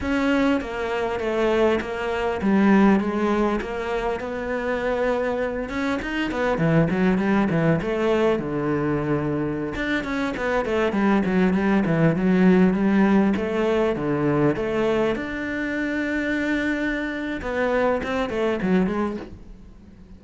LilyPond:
\new Staff \with { instrumentName = "cello" } { \time 4/4 \tempo 4 = 100 cis'4 ais4 a4 ais4 | g4 gis4 ais4 b4~ | b4. cis'8 dis'8 b8 e8 fis8 | g8 e8 a4 d2~ |
d16 d'8 cis'8 b8 a8 g8 fis8 g8 e16~ | e16 fis4 g4 a4 d8.~ | d16 a4 d'2~ d'8.~ | d'4 b4 c'8 a8 fis8 gis8 | }